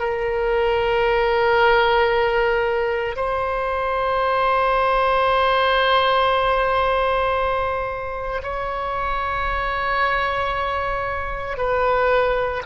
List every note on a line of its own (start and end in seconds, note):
0.00 3.16 A#4
3.16 8.43 C5
8.43 11.57 C#5
11.57 12.63 B4